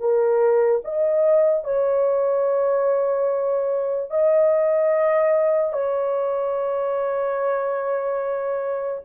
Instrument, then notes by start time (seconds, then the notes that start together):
horn
0.00 A#4
0.84 D#5
1.64 C#5
4.10 D#5
5.73 C#5